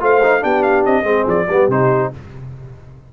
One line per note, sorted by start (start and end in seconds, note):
0.00 0.44 A3
0.00 0.21 F4
0.00 0.42 C5
0.00 0.44 F5
0.23 0.40 D#4
0.40 0.86 B3
0.40 1.03 D4
0.40 1.04 G4
0.40 0.63 G5
0.63 0.84 F5
0.85 1.03 C4
0.85 1.28 D#5
1.03 1.24 G#3
1.03 1.46 C4
1.03 1.46 G#4
1.27 1.48 F3
1.27 1.71 D5
1.49 1.68 G3
1.49 1.71 B3
1.49 2.13 G4
1.68 2.11 C3
1.68 2.13 D#4
1.68 2.13 C5